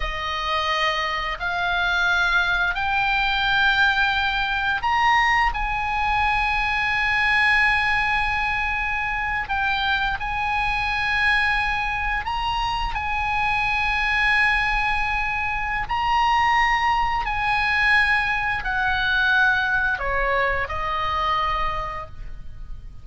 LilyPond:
\new Staff \with { instrumentName = "oboe" } { \time 4/4 \tempo 4 = 87 dis''2 f''2 | g''2. ais''4 | gis''1~ | gis''4.~ gis''16 g''4 gis''4~ gis''16~ |
gis''4.~ gis''16 ais''4 gis''4~ gis''16~ | gis''2. ais''4~ | ais''4 gis''2 fis''4~ | fis''4 cis''4 dis''2 | }